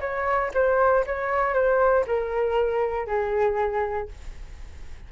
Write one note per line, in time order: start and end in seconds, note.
0.00 0.51 C#5
0.53 1.04 C5
1.06 1.54 C#5
1.54 2.05 C5
2.06 3.06 A#4
3.06 4.08 G#4